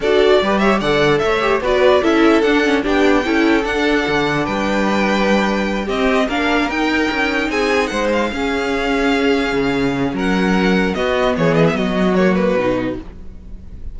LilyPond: <<
  \new Staff \with { instrumentName = "violin" } { \time 4/4 \tempo 4 = 148 d''4. e''8 fis''4 e''4 | d''4 e''4 fis''4 g''4~ | g''4 fis''2 g''4~ | g''2~ g''8 dis''4 f''8~ |
f''8 g''2 gis''4 fis''8 | f''1~ | f''4 fis''2 dis''4 | cis''8 dis''16 e''16 dis''4 cis''8 b'4. | }
  \new Staff \with { instrumentName = "violin" } { \time 4/4 a'4 b'8 cis''8 d''4 cis''4 | b'4 a'2 g'4 | a'2. b'4~ | b'2~ b'8 g'4 ais'8~ |
ais'2~ ais'8 gis'4 c''8~ | c''8 gis'2.~ gis'8~ | gis'4 ais'2 fis'4 | gis'4 fis'2. | }
  \new Staff \with { instrumentName = "viola" } { \time 4/4 fis'4 g'4 a'4. g'8 | fis'4 e'4 d'8 cis'8 d'4 | e'4 d'2.~ | d'2~ d'8 c'4 d'8~ |
d'8 dis'2.~ dis'8~ | dis'8 cis'2.~ cis'8~ | cis'2. b4~ | b2 ais4 dis'4 | }
  \new Staff \with { instrumentName = "cello" } { \time 4/4 d'4 g4 d4 a4 | b4 cis'4 d'4 b4 | cis'4 d'4 d4 g4~ | g2~ g8 c'4 ais8~ |
ais8 dis'4 cis'4 c'4 gis8~ | gis8 cis'2. cis8~ | cis4 fis2 b4 | e4 fis2 b,4 | }
>>